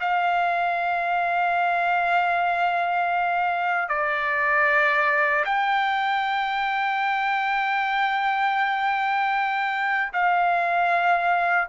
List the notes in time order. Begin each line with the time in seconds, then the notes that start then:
0.00 F5
3.89 D5
5.45 G5
10.13 F5